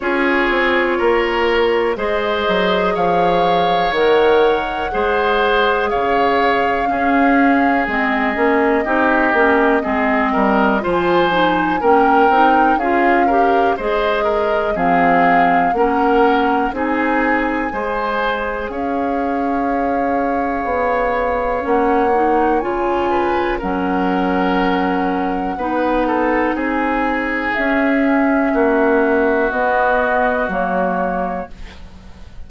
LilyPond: <<
  \new Staff \with { instrumentName = "flute" } { \time 4/4 \tempo 4 = 61 cis''2 dis''4 f''4 | fis''2 f''2 | dis''2. gis''4 | g''4 f''4 dis''4 f''4 |
fis''4 gis''2 f''4~ | f''2 fis''4 gis''4 | fis''2. gis''4 | e''2 dis''4 cis''4 | }
  \new Staff \with { instrumentName = "oboe" } { \time 4/4 gis'4 ais'4 c''4 cis''4~ | cis''4 c''4 cis''4 gis'4~ | gis'4 g'4 gis'8 ais'8 c''4 | ais'4 gis'8 ais'8 c''8 ais'8 gis'4 |
ais'4 gis'4 c''4 cis''4~ | cis''2.~ cis''8 b'8 | ais'2 b'8 a'8 gis'4~ | gis'4 fis'2. | }
  \new Staff \with { instrumentName = "clarinet" } { \time 4/4 f'2 gis'2 | ais'4 gis'2 cis'4 | c'8 cis'8 dis'8 cis'8 c'4 f'8 dis'8 | cis'8 dis'8 f'8 g'8 gis'4 c'4 |
cis'4 dis'4 gis'2~ | gis'2 cis'8 dis'8 f'4 | cis'2 dis'2 | cis'2 b4 ais4 | }
  \new Staff \with { instrumentName = "bassoon" } { \time 4/4 cis'8 c'8 ais4 gis8 fis8 f4 | dis4 gis4 cis4 cis'4 | gis8 ais8 c'8 ais8 gis8 g8 f4 | ais8 c'8 cis'4 gis4 f4 |
ais4 c'4 gis4 cis'4~ | cis'4 b4 ais4 cis4 | fis2 b4 c'4 | cis'4 ais4 b4 fis4 | }
>>